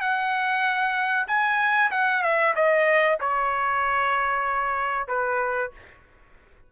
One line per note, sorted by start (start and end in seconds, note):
0.00 1.26 F#5
1.27 1.90 G#5
1.91 2.22 F#5
2.22 2.54 E5
2.55 3.18 D#5
3.20 5.08 C#5
5.08 5.71 B4